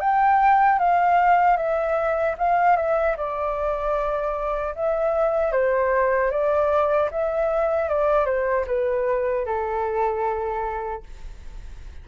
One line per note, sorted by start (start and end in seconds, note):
0.00 0.79 G5
0.79 1.56 F5
1.56 2.35 E5
2.38 2.76 F5
2.76 3.16 E5
3.17 4.74 D5
4.75 5.52 E5
5.52 6.31 C5
6.31 7.09 D5
7.11 7.89 E5
7.89 8.25 D5
8.25 8.65 C5
8.67 9.45 B4
9.45 11.03 A4